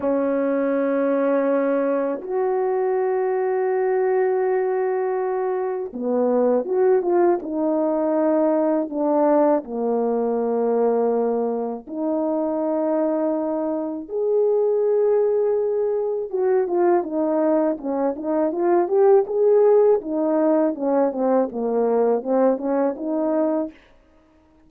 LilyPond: \new Staff \with { instrumentName = "horn" } { \time 4/4 \tempo 4 = 81 cis'2. fis'4~ | fis'1 | b4 fis'8 f'8 dis'2 | d'4 ais2. |
dis'2. gis'4~ | gis'2 fis'8 f'8 dis'4 | cis'8 dis'8 f'8 g'8 gis'4 dis'4 | cis'8 c'8 ais4 c'8 cis'8 dis'4 | }